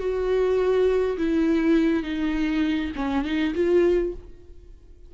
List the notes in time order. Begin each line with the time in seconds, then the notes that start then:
0.00 F#4
1.18 E4
2.04 D#4
2.97 C#4
3.25 D#4
3.55 F4